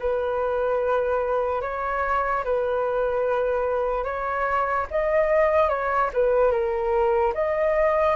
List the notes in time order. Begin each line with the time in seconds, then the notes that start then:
0.00 B4
1.62 C#5
2.45 B4
4.05 C#5
4.91 D#5
5.69 C#5
6.14 B4
6.52 A#4
7.35 D#5